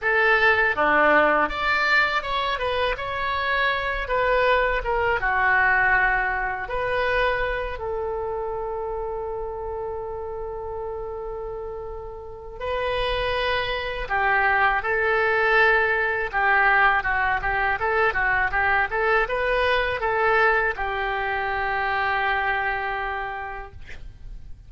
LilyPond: \new Staff \with { instrumentName = "oboe" } { \time 4/4 \tempo 4 = 81 a'4 d'4 d''4 cis''8 b'8 | cis''4. b'4 ais'8 fis'4~ | fis'4 b'4. a'4.~ | a'1~ |
a'4 b'2 g'4 | a'2 g'4 fis'8 g'8 | a'8 fis'8 g'8 a'8 b'4 a'4 | g'1 | }